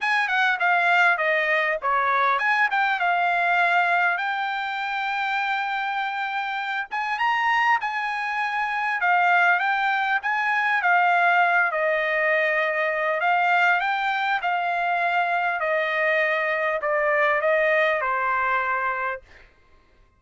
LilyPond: \new Staff \with { instrumentName = "trumpet" } { \time 4/4 \tempo 4 = 100 gis''8 fis''8 f''4 dis''4 cis''4 | gis''8 g''8 f''2 g''4~ | g''2.~ g''8 gis''8 | ais''4 gis''2 f''4 |
g''4 gis''4 f''4. dis''8~ | dis''2 f''4 g''4 | f''2 dis''2 | d''4 dis''4 c''2 | }